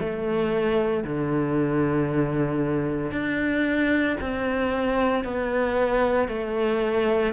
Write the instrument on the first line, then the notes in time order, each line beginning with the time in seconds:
cello
0.00 A3
1.04 D3
3.12 D4
4.21 C4
5.24 B3
6.29 A3